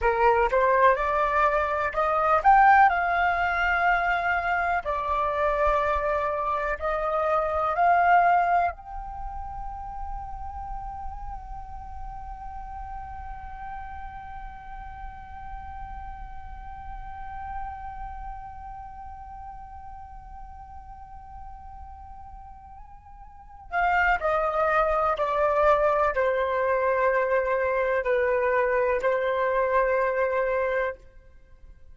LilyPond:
\new Staff \with { instrumentName = "flute" } { \time 4/4 \tempo 4 = 62 ais'8 c''8 d''4 dis''8 g''8 f''4~ | f''4 d''2 dis''4 | f''4 g''2.~ | g''1~ |
g''1~ | g''1~ | g''8 f''8 dis''4 d''4 c''4~ | c''4 b'4 c''2 | }